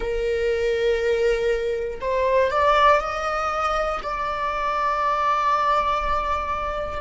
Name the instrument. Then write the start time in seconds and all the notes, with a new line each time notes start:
viola
0.00 A#4
2.00 C5
2.50 D5
3.00 D#5
4.02 D5